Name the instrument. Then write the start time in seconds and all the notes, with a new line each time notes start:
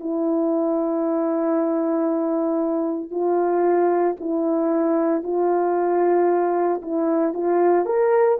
horn
0.00 E4
3.11 F4
4.20 E4
5.23 F4
6.82 E4
7.33 F4
7.85 A#4